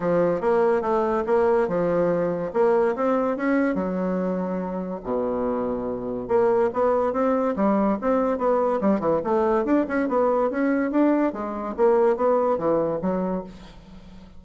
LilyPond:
\new Staff \with { instrumentName = "bassoon" } { \time 4/4 \tempo 4 = 143 f4 ais4 a4 ais4 | f2 ais4 c'4 | cis'4 fis2. | b,2. ais4 |
b4 c'4 g4 c'4 | b4 g8 e8 a4 d'8 cis'8 | b4 cis'4 d'4 gis4 | ais4 b4 e4 fis4 | }